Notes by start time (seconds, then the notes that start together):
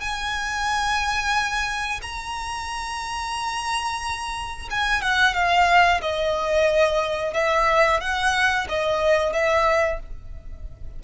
0.00 G#5
2.02 A#5
4.70 G#5
5.02 F#5
5.34 F5
6.01 D#5
7.33 E5
8.00 F#5
8.69 D#5
9.33 E5